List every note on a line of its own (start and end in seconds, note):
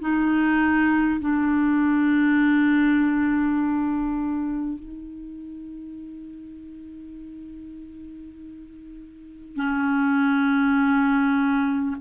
0.00 1.20 D#4
1.21 4.79 D4
4.79 9.56 D#4
9.56 11.96 C#4